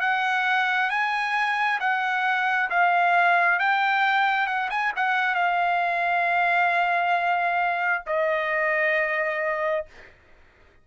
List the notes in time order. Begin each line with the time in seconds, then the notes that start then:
0.00 F#5
0.90 G#5
1.80 F#5
2.70 F5
3.59 G5
4.47 F#5
4.70 G#5
4.96 F#5
5.34 F5
8.06 D#5